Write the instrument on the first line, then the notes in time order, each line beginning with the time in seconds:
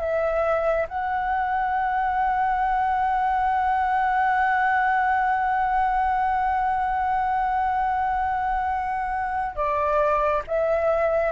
flute
0.00 E5
0.88 F#5
9.56 D5
10.47 E5